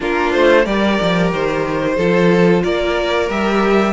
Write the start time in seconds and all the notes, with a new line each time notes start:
0.00 A#3 D4 F4 A#4
0.32 A3 C5
0.63 G3 G4 A#4 D5
1.01 F3
1.32 D#3 C5
1.96 F3 F4 A4
2.63 A#3 A#4 D5
3.28 G3 G4 E5